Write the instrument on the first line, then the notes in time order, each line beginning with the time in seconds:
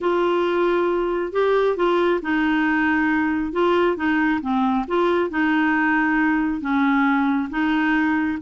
clarinet
0.01 F4
1.32 G4
1.76 F4
2.22 D#4
3.52 F4
3.96 D#4
4.41 C4
4.87 F4
5.30 D#4
6.61 C#4
7.50 D#4